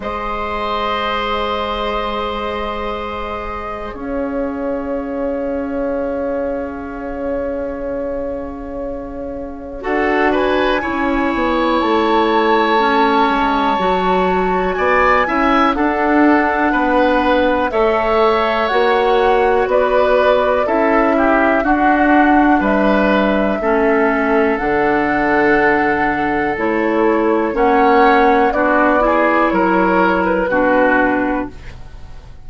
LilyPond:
<<
  \new Staff \with { instrumentName = "flute" } { \time 4/4 \tempo 4 = 61 dis''1 | f''1~ | f''2 fis''8 gis''4. | a''2. gis''4 |
fis''2 e''4 fis''4 | d''4 e''4 fis''4 e''4~ | e''4 fis''2 cis''4 | fis''4 d''4 cis''8. b'4~ b'16 | }
  \new Staff \with { instrumentName = "oboe" } { \time 4/4 c''1 | cis''1~ | cis''2 a'8 b'8 cis''4~ | cis''2. d''8 e''8 |
a'4 b'4 cis''2 | b'4 a'8 g'8 fis'4 b'4 | a'1 | cis''4 fis'8 gis'8 ais'4 fis'4 | }
  \new Staff \with { instrumentName = "clarinet" } { \time 4/4 gis'1~ | gis'1~ | gis'2 fis'4 e'4~ | e'4 cis'4 fis'4. e'8 |
d'2 a'4 fis'4~ | fis'4 e'4 d'2 | cis'4 d'2 e'4 | cis'4 d'8 e'4. d'4 | }
  \new Staff \with { instrumentName = "bassoon" } { \time 4/4 gis1 | cis'1~ | cis'2 d'4 cis'8 b8 | a4. gis8 fis4 b8 cis'8 |
d'4 b4 a4 ais4 | b4 cis'4 d'4 g4 | a4 d2 a4 | ais4 b4 fis4 b,4 | }
>>